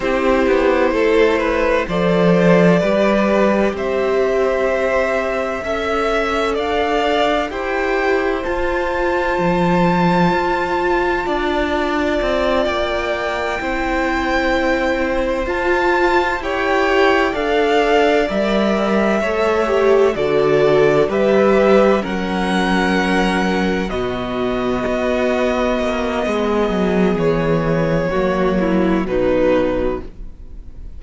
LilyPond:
<<
  \new Staff \with { instrumentName = "violin" } { \time 4/4 \tempo 4 = 64 c''2 d''2 | e''2. f''4 | g''4 a''2.~ | a''4. g''2~ g''8~ |
g''8 a''4 g''4 f''4 e''8~ | e''4. d''4 e''4 fis''8~ | fis''4. dis''2~ dis''8~ | dis''4 cis''2 b'4 | }
  \new Staff \with { instrumentName = "violin" } { \time 4/4 g'4 a'8 b'8 c''4 b'4 | c''2 e''4 d''4 | c''1 | d''2~ d''8 c''4.~ |
c''4. cis''4 d''4.~ | d''8 cis''4 a'4 b'4 ais'8~ | ais'4. fis'2~ fis'8 | gis'2 fis'8 e'8 dis'4 | }
  \new Staff \with { instrumentName = "viola" } { \time 4/4 e'2 a'4 g'4~ | g'2 a'2 | g'4 f'2.~ | f'2~ f'8 e'4.~ |
e'8 f'4 g'4 a'4 ais'8~ | ais'8 a'8 g'8 fis'4 g'4 cis'8~ | cis'4. b2~ b8~ | b2 ais4 fis4 | }
  \new Staff \with { instrumentName = "cello" } { \time 4/4 c'8 b8 a4 f4 g4 | c'2 cis'4 d'4 | e'4 f'4 f4 f'4 | d'4 c'8 ais4 c'4.~ |
c'8 f'4 e'4 d'4 g8~ | g8 a4 d4 g4 fis8~ | fis4. b,4 b4 ais8 | gis8 fis8 e4 fis4 b,4 | }
>>